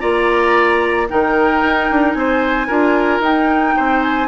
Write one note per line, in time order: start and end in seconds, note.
0.00 1.09 A#3
0.00 1.07 F4
0.00 1.08 D5
0.00 1.07 A#5
1.09 1.63 D#3
1.09 2.69 D#4
1.09 2.17 A#4
1.09 2.12 G5
1.63 1.90 D#4
1.90 2.15 D4
2.12 2.68 C4
2.12 2.67 C5
2.12 3.19 G#5
2.67 3.19 D4
2.67 3.23 F4
2.67 3.74 A#4
3.19 3.73 D#4
3.19 4.28 D#4
3.19 4.03 G5
3.76 4.28 C4
3.76 4.28 C5
4.03 4.28 G#5